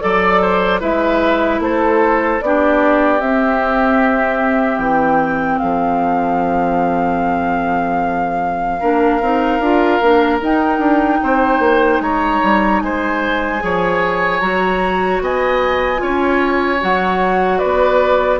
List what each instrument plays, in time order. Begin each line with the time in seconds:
0.00 bassoon F#3, clarinet A4, flute D5, oboe D5
0.41 oboe C5
0.80 bassoon G#3, clarinet E4, oboe B4, flute E5
1.59 bassoon A3, oboe A4, flute C5
2.41 bassoon B3, clarinet D4, oboe G4, flute D5
3.19 clarinet C4, bassoon C4, flute E5
4.78 bassoon E3, flute G5
5.58 bassoon F3, oboe A4, flute F5
8.80 bassoon A#3, clarinet D4, oboe A#4
9.21 bassoon C4, clarinet D#4
9.59 bassoon D4, clarinet F4
10.01 bassoon A#3, clarinet D4
10.40 clarinet D#4, bassoon D#4, flute G5
10.79 bassoon D4
11.22 bassoon C4, oboe C5
11.59 bassoon A#3
12.00 bassoon G#3, oboe C#5, flute A#5
12.43 bassoon G3
12.80 bassoon G#3, oboe C5, flute G#5
13.59 bassoon F3, clarinet G#4, oboe C#5
14.40 bassoon F#3, clarinet F#4, flute A#5
15.20 bassoon B3, oboe D#5, flute G#5
15.96 bassoon C#4, clarinet F4, oboe C#5
16.80 bassoon F#3, clarinet F#4, flute F#5
17.58 bassoon B3, oboe B4, flute D5